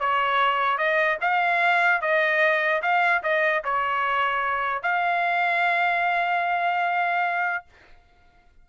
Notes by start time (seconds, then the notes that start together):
0.00 C#5
0.78 D#5
1.21 F5
2.02 D#5
2.83 F5
3.23 D#5
3.65 C#5
4.83 F5